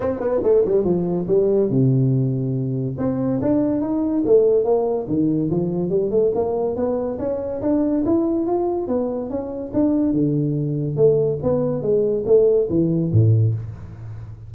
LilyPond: \new Staff \with { instrumentName = "tuba" } { \time 4/4 \tempo 4 = 142 c'8 b8 a8 g8 f4 g4 | c2. c'4 | d'4 dis'4 a4 ais4 | dis4 f4 g8 a8 ais4 |
b4 cis'4 d'4 e'4 | f'4 b4 cis'4 d'4 | d2 a4 b4 | gis4 a4 e4 a,4 | }